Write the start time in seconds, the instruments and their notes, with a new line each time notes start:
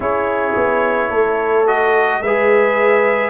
0.00 tuba C#4, trombone E4, horn G#4, trumpet C#5
0.56 tuba B3
1.10 tuba A3, horn A4
1.66 trombone F#4, trumpet D#5
2.21 tuba G#3, trombone G#4, horn B4, trumpet E5